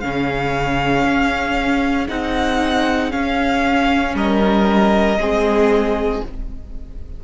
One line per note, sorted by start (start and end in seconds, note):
0.00 1.04 C#3
0.00 2.08 C#4
0.00 4.16 G#4
0.00 2.07 F5
1.04 2.07 C#4
2.08 3.13 C4
2.08 3.10 D#4
2.08 3.11 F#5
3.10 5.17 C#4
3.10 4.14 C#4
3.10 4.15 F5
4.14 5.17 G3
4.14 5.19 A#4
4.14 6.24 D#5
5.17 6.21 G#3
5.17 6.23 C4
5.17 6.24 G#4